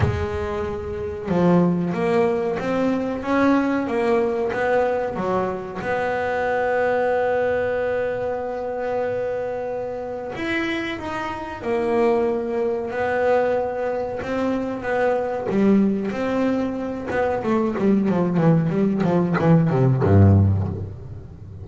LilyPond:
\new Staff \with { instrumentName = "double bass" } { \time 4/4 \tempo 4 = 93 gis2 f4 ais4 | c'4 cis'4 ais4 b4 | fis4 b2.~ | b1 |
e'4 dis'4 ais2 | b2 c'4 b4 | g4 c'4. b8 a8 g8 | f8 e8 g8 f8 e8 c8 g,4 | }